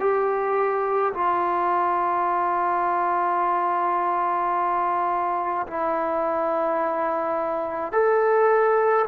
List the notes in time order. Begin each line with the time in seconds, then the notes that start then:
0.00 G4
1.14 F4
5.67 E4
7.92 A4